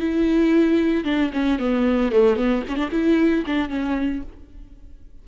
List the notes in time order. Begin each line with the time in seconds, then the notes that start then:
0.00 E4
1.05 D4
1.34 C#4
1.60 B3
2.12 A3
2.37 B3
2.69 C#4
2.77 D4
2.92 E4
3.47 D4
3.70 C#4